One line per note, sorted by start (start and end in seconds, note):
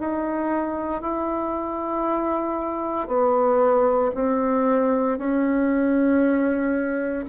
0.00 1.01 D#4
1.01 3.08 E4
3.08 4.11 B3
4.14 5.18 C4
5.18 7.25 C#4